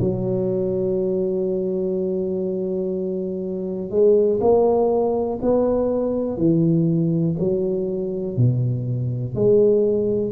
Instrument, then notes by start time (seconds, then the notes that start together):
tuba
0.00 F#3
3.90 G#3
4.40 A#3
5.41 B3
6.37 E3
7.39 F#3
8.37 B2
9.35 G#3